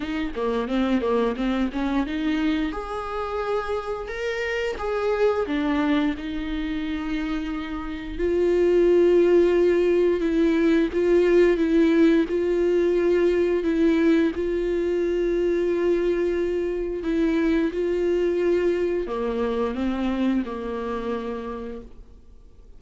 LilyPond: \new Staff \with { instrumentName = "viola" } { \time 4/4 \tempo 4 = 88 dis'8 ais8 c'8 ais8 c'8 cis'8 dis'4 | gis'2 ais'4 gis'4 | d'4 dis'2. | f'2. e'4 |
f'4 e'4 f'2 | e'4 f'2.~ | f'4 e'4 f'2 | ais4 c'4 ais2 | }